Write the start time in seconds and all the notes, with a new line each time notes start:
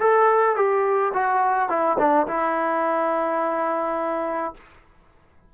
0.00 A4
0.56 G4
1.14 F#4
1.69 E4
1.99 D4
2.27 E4